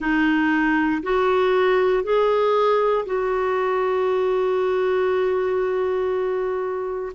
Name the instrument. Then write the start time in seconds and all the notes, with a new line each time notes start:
clarinet
0.00 D#4
1.03 F#4
2.03 G#4
3.05 F#4